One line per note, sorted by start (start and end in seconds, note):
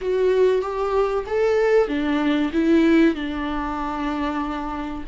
0.01 0.61 F#4
0.61 1.24 G4
1.26 1.88 A4
1.88 2.51 D4
2.52 3.14 E4
3.14 5.04 D4